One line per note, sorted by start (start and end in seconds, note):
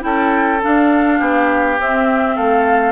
0.00 0.61 C#4
0.00 0.58 E4
0.00 1.19 A4
0.00 0.61 G5
0.62 1.79 D4
0.62 1.20 D4
0.62 1.80 F5
1.19 1.79 B3
1.19 2.35 G4
1.79 2.37 C4
1.79 2.92 C4
1.79 2.37 E5
2.35 2.92 A3
2.35 2.92 A4
2.35 2.92 F5